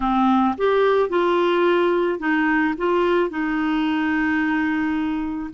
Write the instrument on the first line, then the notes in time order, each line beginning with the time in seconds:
clarinet
0.00 C4
0.57 G4
1.09 F4
2.19 D#4
2.77 F4
3.30 D#4